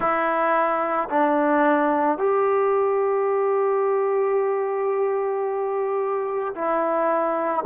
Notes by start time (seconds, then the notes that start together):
0.00 E4
1.09 D4
2.18 G4
6.55 E4